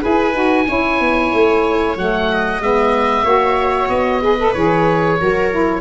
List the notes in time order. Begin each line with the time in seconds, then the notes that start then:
0.00 E4 G#4 B4 G#5
0.33 D#4 F#4
0.67 C#4 E4 C#5
1.00 B3
1.33 A3
1.96 F#3 A3 F#5
2.32 D#5
2.60 G#3 B3 E5
3.23 A#3 F#4 C#5
3.89 B3 D#5
4.21 G#4 B4
4.39 A4
4.53 E3 G#4 C#5
5.20 F#3 F#4 A#4
5.51 E4